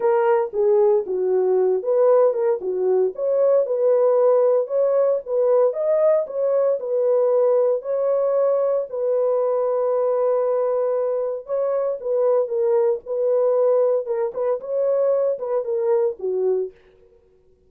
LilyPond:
\new Staff \with { instrumentName = "horn" } { \time 4/4 \tempo 4 = 115 ais'4 gis'4 fis'4. b'8~ | b'8 ais'8 fis'4 cis''4 b'4~ | b'4 cis''4 b'4 dis''4 | cis''4 b'2 cis''4~ |
cis''4 b'2.~ | b'2 cis''4 b'4 | ais'4 b'2 ais'8 b'8 | cis''4. b'8 ais'4 fis'4 | }